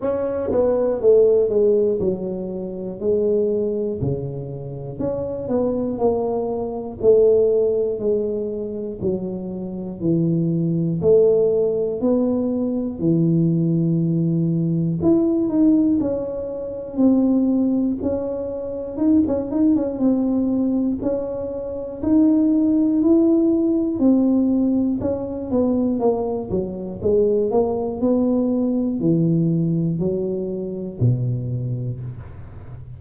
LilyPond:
\new Staff \with { instrumentName = "tuba" } { \time 4/4 \tempo 4 = 60 cis'8 b8 a8 gis8 fis4 gis4 | cis4 cis'8 b8 ais4 a4 | gis4 fis4 e4 a4 | b4 e2 e'8 dis'8 |
cis'4 c'4 cis'4 dis'16 cis'16 dis'16 cis'16 | c'4 cis'4 dis'4 e'4 | c'4 cis'8 b8 ais8 fis8 gis8 ais8 | b4 e4 fis4 b,4 | }